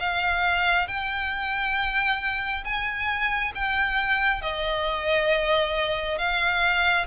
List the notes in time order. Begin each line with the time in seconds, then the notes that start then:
0.00 F5
0.88 G5
2.65 G#5
3.55 G5
4.42 D#5
6.18 F5